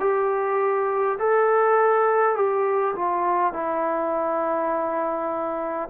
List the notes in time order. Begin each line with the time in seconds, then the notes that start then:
0.00 G4
1.19 A4
2.35 G4
2.95 F4
3.53 E4